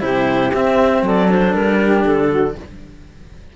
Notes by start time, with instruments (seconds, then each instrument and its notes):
0.00 cello C3 E4, saxophone G4, clarinet C5
0.53 cello C4, clarinet E5
1.03 cello F#3, saxophone A4, clarinet D5
1.29 cello D4, clarinet C5
1.54 cello G3, clarinet A#4
1.83 saxophone G4
2.05 cello D3, clarinet A4
2.31 saxophone F#4